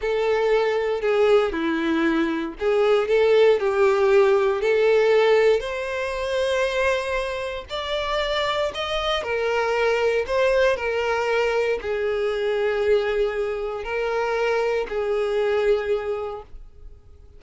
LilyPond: \new Staff \with { instrumentName = "violin" } { \time 4/4 \tempo 4 = 117 a'2 gis'4 e'4~ | e'4 gis'4 a'4 g'4~ | g'4 a'2 c''4~ | c''2. d''4~ |
d''4 dis''4 ais'2 | c''4 ais'2 gis'4~ | gis'2. ais'4~ | ais'4 gis'2. | }